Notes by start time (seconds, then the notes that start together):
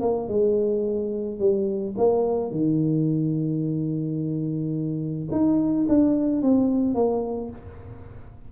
0.00 A#3
0.28 G#3
1.39 G3
1.97 A#3
2.51 D#3
5.31 D#4
5.88 D4
6.42 C4
6.94 A#3